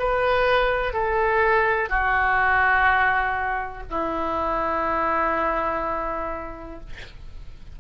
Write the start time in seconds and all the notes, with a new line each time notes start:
0.00 B4
0.94 A4
1.90 F#4
3.90 E4